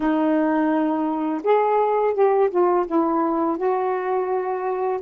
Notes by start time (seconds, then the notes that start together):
0.00 D#4
1.43 G#4
2.14 G4
2.50 F4
2.86 E4
3.57 F#4